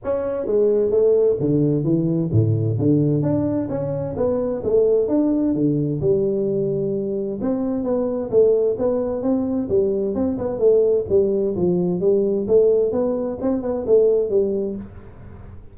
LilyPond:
\new Staff \with { instrumentName = "tuba" } { \time 4/4 \tempo 4 = 130 cis'4 gis4 a4 d4 | e4 a,4 d4 d'4 | cis'4 b4 a4 d'4 | d4 g2. |
c'4 b4 a4 b4 | c'4 g4 c'8 b8 a4 | g4 f4 g4 a4 | b4 c'8 b8 a4 g4 | }